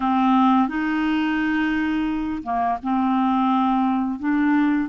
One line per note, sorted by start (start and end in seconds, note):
0.00 0.68 C4
0.68 2.42 D#4
2.43 2.78 A#3
2.82 4.19 C4
4.19 4.89 D4